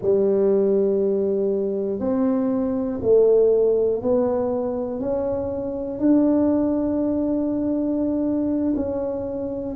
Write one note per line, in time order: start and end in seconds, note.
0.01 2.00 G3
2.00 3.00 C4
3.02 4.01 A3
4.01 5.00 B3
5.00 5.99 C#4
5.99 8.74 D4
8.75 9.75 C#4